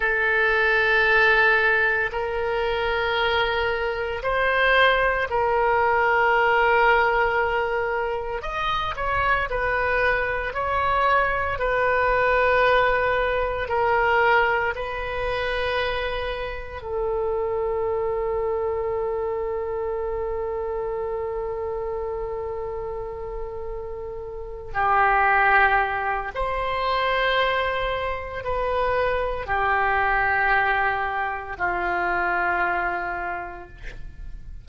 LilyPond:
\new Staff \with { instrumentName = "oboe" } { \time 4/4 \tempo 4 = 57 a'2 ais'2 | c''4 ais'2. | dis''8 cis''8 b'4 cis''4 b'4~ | b'4 ais'4 b'2 |
a'1~ | a'2.~ a'8 g'8~ | g'4 c''2 b'4 | g'2 f'2 | }